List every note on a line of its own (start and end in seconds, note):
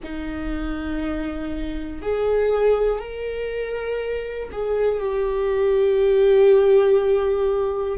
0.03 2.01 D#4
2.01 2.99 G#4
2.99 4.49 A#4
4.51 5.00 G#4
5.00 7.97 G4